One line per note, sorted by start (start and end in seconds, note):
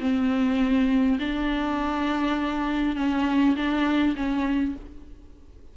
0.00 1.19 C4
1.19 2.96 D4
2.96 3.56 C#4
3.56 4.15 D4
4.16 4.76 C#4